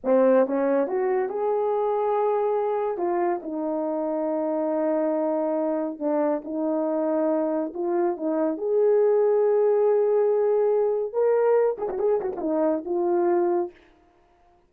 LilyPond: \new Staff \with { instrumentName = "horn" } { \time 4/4 \tempo 4 = 140 c'4 cis'4 fis'4 gis'4~ | gis'2. f'4 | dis'1~ | dis'2 d'4 dis'4~ |
dis'2 f'4 dis'4 | gis'1~ | gis'2 ais'4. gis'16 fis'16 | gis'8 fis'16 f'16 dis'4 f'2 | }